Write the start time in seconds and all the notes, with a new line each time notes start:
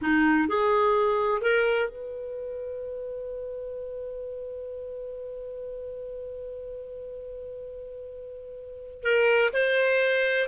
0.01 D#4
0.48 G#4
1.41 A#4
1.89 B4
9.03 A#4
9.53 C5